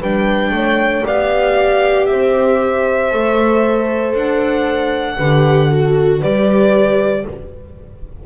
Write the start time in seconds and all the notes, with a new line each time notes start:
0.00 G3 D4 B4 G5
0.51 A3 C#5
1.04 B3 G4 D5 F5
2.06 C4 C5 E5
3.11 A3 A4
4.14 D4 F#5
5.17 D3 G4 B4
5.70 F#4 A4
6.20 G3 G4 B4 D5